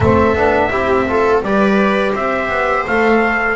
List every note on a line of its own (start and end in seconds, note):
0.00 0.34 A3
0.00 0.36 C4
0.00 0.70 A4
0.00 1.39 E5
0.34 0.70 B3
0.34 0.70 D4
0.70 1.42 C4
0.70 1.06 E4
0.70 1.06 G4
1.06 1.42 F4
1.06 1.44 A4
1.42 2.13 G3
1.42 2.87 G4
1.42 2.12 B4
1.42 2.15 D5
2.12 2.49 C4
2.12 3.55 C5
2.12 2.86 E5
2.49 2.84 B3
2.87 3.56 A3
2.87 3.56 A4
2.87 3.56 F5